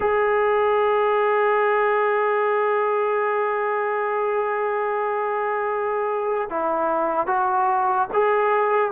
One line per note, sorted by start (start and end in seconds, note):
0.00 6.48 G#4
6.49 7.26 E4
7.26 8.07 F#4
8.13 8.91 G#4